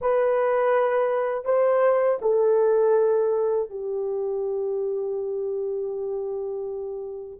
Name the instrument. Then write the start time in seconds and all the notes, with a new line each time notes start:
horn
0.01 B4
1.44 C5
2.21 A4
3.69 G4